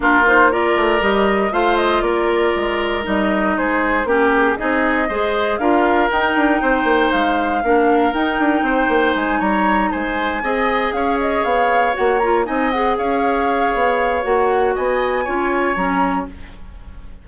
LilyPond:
<<
  \new Staff \with { instrumentName = "flute" } { \time 4/4 \tempo 4 = 118 ais'8 c''8 d''4 dis''4 f''8 dis''8 | d''2 dis''4 c''4 | ais'8 gis'8 dis''2 f''4 | g''2 f''2 |
g''2 gis''8 ais''4 gis''8~ | gis''4. f''8 dis''8 f''4 fis''8 | ais''8 gis''8 fis''8 f''2~ f''8 | fis''4 gis''2 ais''4 | }
  \new Staff \with { instrumentName = "oboe" } { \time 4/4 f'4 ais'2 c''4 | ais'2. gis'4 | g'4 gis'4 c''4 ais'4~ | ais'4 c''2 ais'4~ |
ais'4 c''4. cis''4 c''8~ | c''8 dis''4 cis''2~ cis''8~ | cis''8 dis''4 cis''2~ cis''8~ | cis''4 dis''4 cis''2 | }
  \new Staff \with { instrumentName = "clarinet" } { \time 4/4 d'8 dis'8 f'4 g'4 f'4~ | f'2 dis'2 | cis'4 dis'4 gis'4 f'4 | dis'2. d'4 |
dis'1~ | dis'8 gis'2. fis'8 | f'8 dis'8 gis'2. | fis'2 f'4 cis'4 | }
  \new Staff \with { instrumentName = "bassoon" } { \time 4/4 ais4. a8 g4 a4 | ais4 gis4 g4 gis4 | ais4 c'4 gis4 d'4 | dis'8 d'8 c'8 ais8 gis4 ais4 |
dis'8 d'8 c'8 ais8 gis8 g4 gis8~ | gis8 c'4 cis'4 b4 ais8~ | ais8 c'4 cis'4. b4 | ais4 b4 cis'4 fis4 | }
>>